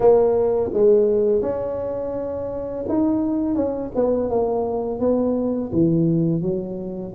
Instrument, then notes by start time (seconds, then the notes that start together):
tuba
0.00 A#3
0.73 G#3
1.42 C#4
2.88 D#4
3.55 C#4
3.95 B3
4.30 A#3
4.99 B3
5.72 E3
6.41 F#3